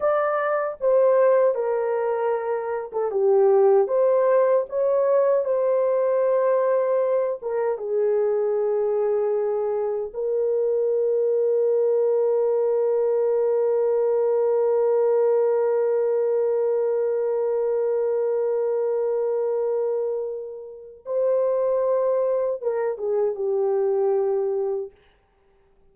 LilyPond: \new Staff \with { instrumentName = "horn" } { \time 4/4 \tempo 4 = 77 d''4 c''4 ais'4.~ ais'16 a'16 | g'4 c''4 cis''4 c''4~ | c''4. ais'8 gis'2~ | gis'4 ais'2.~ |
ais'1~ | ais'1~ | ais'2. c''4~ | c''4 ais'8 gis'8 g'2 | }